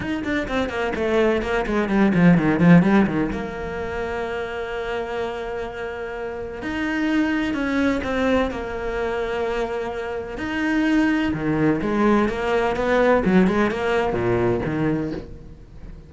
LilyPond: \new Staff \with { instrumentName = "cello" } { \time 4/4 \tempo 4 = 127 dis'8 d'8 c'8 ais8 a4 ais8 gis8 | g8 f8 dis8 f8 g8 dis8 ais4~ | ais1~ | ais2 dis'2 |
cis'4 c'4 ais2~ | ais2 dis'2 | dis4 gis4 ais4 b4 | fis8 gis8 ais4 ais,4 dis4 | }